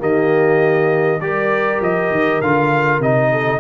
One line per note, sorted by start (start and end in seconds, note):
0.00 1.21 D#3
0.00 1.20 A#3
0.00 1.21 G4
0.00 1.21 D#5
1.21 1.81 G3
1.21 2.43 G4
1.21 3.32 A#4
1.21 1.81 D5
1.81 2.11 F3
1.81 2.42 D#5
2.11 2.41 D#3
2.42 3.00 D3
2.42 3.04 F4
2.42 3.02 F5
3.00 3.60 C3
3.00 3.60 D#4
3.00 3.60 D#5
3.32 3.60 A4